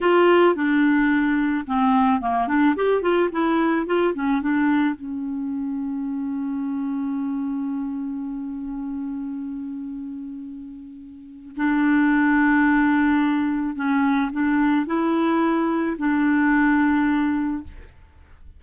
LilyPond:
\new Staff \with { instrumentName = "clarinet" } { \time 4/4 \tempo 4 = 109 f'4 d'2 c'4 | ais8 d'8 g'8 f'8 e'4 f'8 cis'8 | d'4 cis'2.~ | cis'1~ |
cis'1~ | cis'4 d'2.~ | d'4 cis'4 d'4 e'4~ | e'4 d'2. | }